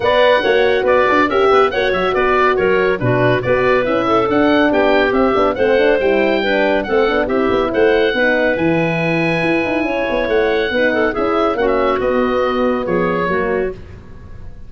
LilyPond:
<<
  \new Staff \with { instrumentName = "oboe" } { \time 4/4 \tempo 4 = 140 fis''2 d''4 e''4 | fis''8 e''8 d''4 cis''4 b'4 | d''4 e''4 fis''4 g''4 | e''4 fis''4 g''2 |
fis''4 e''4 fis''2 | gis''1 | fis''2 e''4 fis''16 e''8. | dis''2 cis''2 | }
  \new Staff \with { instrumentName = "clarinet" } { \time 4/4 d''4 cis''4 b'4 ais'8 b'8 | cis''4 b'4 ais'4 fis'4 | b'4. a'4. g'4~ | g'4 c''2 b'4 |
a'4 g'4 c''4 b'4~ | b'2. cis''4~ | cis''4 b'8 a'8 gis'4 fis'4~ | fis'2 gis'4 fis'4 | }
  \new Staff \with { instrumentName = "horn" } { \time 4/4 b'4 fis'2 g'4 | fis'2. d'4 | fis'4 e'4 d'2 | c'8 d'8 c'8 d'8 e'4 d'4 |
c'8 d'8 e'2 dis'4 | e'1~ | e'4 dis'4 e'4 cis'4 | b2. ais4 | }
  \new Staff \with { instrumentName = "tuba" } { \time 4/4 b4 ais4 b8 d'8 cis'8 b8 | ais8 fis8 b4 fis4 b,4 | b4 cis'4 d'4 b4 | c'8 b8 a4 g2 |
a8 b8 c'8 b8 a4 b4 | e2 e'8 dis'8 cis'8 b8 | a4 b4 cis'4 ais4 | b2 f4 fis4 | }
>>